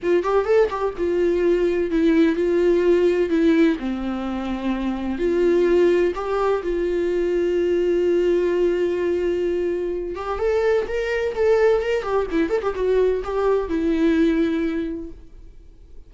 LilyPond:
\new Staff \with { instrumentName = "viola" } { \time 4/4 \tempo 4 = 127 f'8 g'8 a'8 g'8 f'2 | e'4 f'2 e'4 | c'2. f'4~ | f'4 g'4 f'2~ |
f'1~ | f'4. g'8 a'4 ais'4 | a'4 ais'8 g'8 e'8 a'16 g'16 fis'4 | g'4 e'2. | }